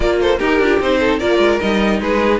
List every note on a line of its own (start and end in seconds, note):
0.00 0.40 A#3
0.00 0.40 F4
0.00 0.16 A#4
0.00 0.19 D5
0.21 0.38 A4
0.21 0.39 C5
0.38 0.59 D#4
0.38 0.98 G4
0.38 0.62 G4
0.38 0.79 A#4
0.59 0.79 D4
0.59 0.80 F4
0.80 1.20 C4
0.80 1.20 D#4
0.80 1.19 C5
0.99 1.19 A4
1.19 1.38 A#3
1.19 1.60 F4
1.19 2.00 A#4
1.19 1.59 D5
1.38 1.58 G#3
1.60 2.00 G3
1.60 2.39 D#4
1.60 2.00 D#5
2.00 2.39 G#3
2.00 2.39 G#4
2.00 2.39 B4